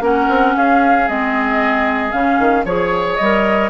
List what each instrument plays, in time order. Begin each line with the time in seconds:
0.00 bassoon A#3, clarinet C#4, oboe A#4, flute F#5
0.29 bassoon C4
0.55 bassoon C#4, oboe G#4, flute F5
1.07 bassoon G#3, clarinet C4, flute D#5
2.12 bassoon C#3, clarinet C#4, flute F5
2.39 bassoon D#3
2.64 bassoon F3, clarinet G#4, oboe C#5, flute C#5
3.16 bassoon G3, clarinet A#4, flute D#5